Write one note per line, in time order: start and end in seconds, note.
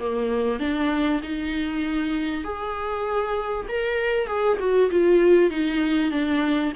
0.00 0.60 A#3
0.60 1.21 D4
1.23 2.44 D#4
2.44 3.67 G#4
3.69 4.27 A#4
4.27 4.58 G#4
4.60 4.91 F#4
4.91 5.51 F4
5.51 6.12 D#4
6.12 6.73 D4